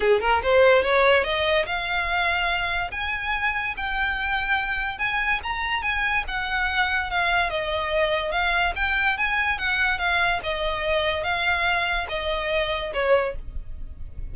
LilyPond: \new Staff \with { instrumentName = "violin" } { \time 4/4 \tempo 4 = 144 gis'8 ais'8 c''4 cis''4 dis''4 | f''2. gis''4~ | gis''4 g''2. | gis''4 ais''4 gis''4 fis''4~ |
fis''4 f''4 dis''2 | f''4 g''4 gis''4 fis''4 | f''4 dis''2 f''4~ | f''4 dis''2 cis''4 | }